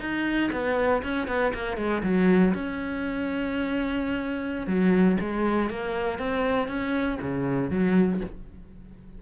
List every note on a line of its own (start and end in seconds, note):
0.00 0.50 D#4
0.52 1.03 B3
1.03 1.28 C#4
1.28 1.53 B3
1.54 1.77 A#3
1.77 2.02 G#3
2.03 2.54 F#3
2.54 4.68 C#4
4.68 5.18 F#3
5.20 5.70 G#3
5.70 6.19 A#3
6.19 6.68 C4
6.68 7.18 C#4
7.22 7.71 C#3
7.71 8.21 F#3